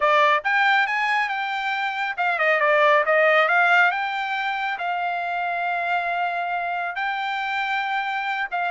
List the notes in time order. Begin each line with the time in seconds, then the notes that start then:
0.00 D5
0.43 G5
0.86 G#5
1.28 G5
2.17 F5
2.38 D#5
2.60 D5
3.05 D#5
3.48 F5
3.91 G5
4.78 F5
6.95 G5
8.51 F5